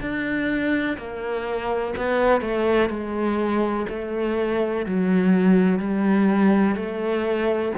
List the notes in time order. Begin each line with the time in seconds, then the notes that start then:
0.00 D4
0.97 A#3
1.97 B3
2.41 A3
2.89 G#3
3.89 A3
4.85 F#3
5.78 G3
6.75 A3